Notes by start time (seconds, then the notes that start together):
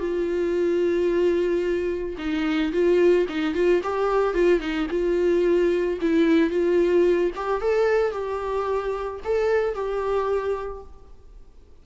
0.00 F4
2.18 D#4
2.73 F4
3.29 D#4
3.55 F4
3.84 G4
4.34 F4
4.60 D#4
4.91 F4
6.02 E4
6.50 F4
7.36 G4
7.62 A4
8.12 G4
9.25 A4
9.75 G4